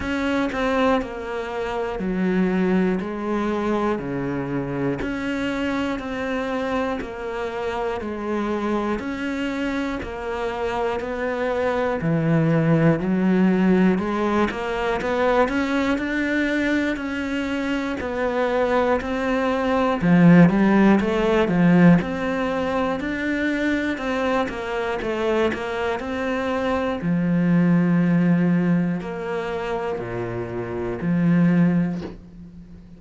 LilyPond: \new Staff \with { instrumentName = "cello" } { \time 4/4 \tempo 4 = 60 cis'8 c'8 ais4 fis4 gis4 | cis4 cis'4 c'4 ais4 | gis4 cis'4 ais4 b4 | e4 fis4 gis8 ais8 b8 cis'8 |
d'4 cis'4 b4 c'4 | f8 g8 a8 f8 c'4 d'4 | c'8 ais8 a8 ais8 c'4 f4~ | f4 ais4 ais,4 f4 | }